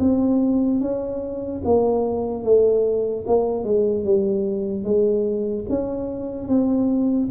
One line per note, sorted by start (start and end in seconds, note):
0.00 0.81 C4
0.81 1.62 C#4
1.65 2.44 A#3
2.44 3.25 A3
3.27 3.64 A#3
3.64 4.05 G#3
4.05 4.84 G3
4.84 5.65 G#3
5.69 6.48 C#4
6.48 7.29 C4